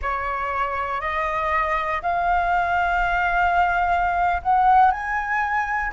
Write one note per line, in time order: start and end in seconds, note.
0.02 1.00 C#5
1.00 2.01 D#5
2.02 4.41 F5
4.42 4.91 F#5
4.91 5.92 G#5